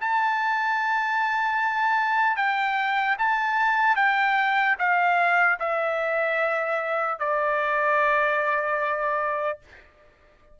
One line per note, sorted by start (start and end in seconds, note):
0.00 2.36 A5
2.36 3.16 G5
3.18 3.96 A5
3.96 4.76 G5
4.79 5.59 F5
5.60 7.19 E5
7.19 9.59 D5